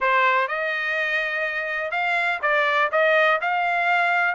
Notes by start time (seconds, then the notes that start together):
0.00 C5
0.48 D#5
1.91 F5
2.41 D5
2.91 D#5
3.41 F5